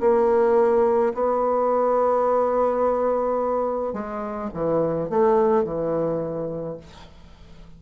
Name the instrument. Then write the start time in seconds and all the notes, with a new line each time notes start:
bassoon
0.00 A#3
1.14 B3
3.93 G#3
4.54 E3
5.10 A3
5.64 E3